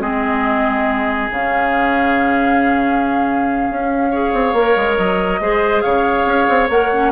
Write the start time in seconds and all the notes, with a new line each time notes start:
0.00 G#3 C4 G#4 D#5
1.31 C#3 C#4 F5
3.71 C#4
4.11 G#4 C#5
4.33 C4
4.53 A#3 A#4
4.76 G#3
4.97 F#3 D#5
5.40 G#3 G#4 C5
5.82 C#3 C#5 F5
6.26 C#4
6.49 C4
6.70 A#3 A#4 F#5
6.92 C#4